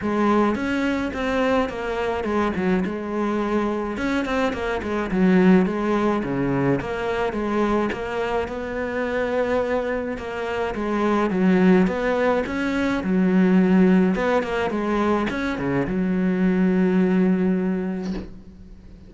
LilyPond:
\new Staff \with { instrumentName = "cello" } { \time 4/4 \tempo 4 = 106 gis4 cis'4 c'4 ais4 | gis8 fis8 gis2 cis'8 c'8 | ais8 gis8 fis4 gis4 cis4 | ais4 gis4 ais4 b4~ |
b2 ais4 gis4 | fis4 b4 cis'4 fis4~ | fis4 b8 ais8 gis4 cis'8 cis8 | fis1 | }